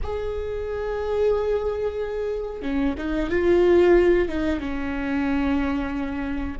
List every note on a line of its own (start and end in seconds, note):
0.02 2.62 G#4
2.62 2.95 C#4
2.97 3.30 D#4
3.30 4.28 F4
4.28 4.59 D#4
4.59 6.57 C#4